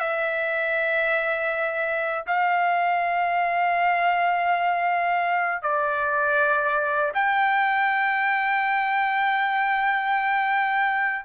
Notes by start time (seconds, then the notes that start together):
0.00 E5
2.27 F5
5.62 D5
7.15 G5